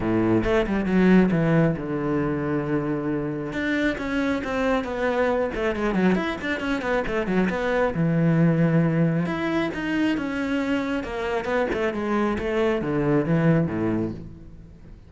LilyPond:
\new Staff \with { instrumentName = "cello" } { \time 4/4 \tempo 4 = 136 a,4 a8 g8 fis4 e4 | d1 | d'4 cis'4 c'4 b4~ | b8 a8 gis8 fis8 e'8 d'8 cis'8 b8 |
a8 fis8 b4 e2~ | e4 e'4 dis'4 cis'4~ | cis'4 ais4 b8 a8 gis4 | a4 d4 e4 a,4 | }